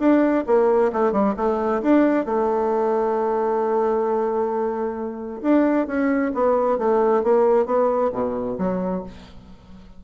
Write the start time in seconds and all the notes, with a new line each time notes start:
0.00 D4
0.47 A#3
0.93 A3
1.13 G3
1.37 A3
1.83 D4
2.26 A3
5.42 D4
5.87 C#4
6.34 B3
6.79 A3
7.24 A#3
7.67 B3
8.13 B2
8.59 F#3